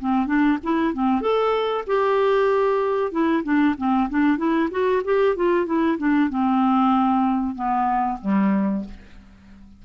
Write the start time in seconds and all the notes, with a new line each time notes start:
0.00 C4
0.27 D4
0.63 E4
0.94 C4
1.21 A4
1.87 G4
3.12 E4
3.44 D4
3.78 C4
4.10 D4
4.38 E4
4.71 F#4
5.05 G4
5.37 F4
5.67 E4
5.99 D4
6.30 C4
7.56 B3
8.22 G3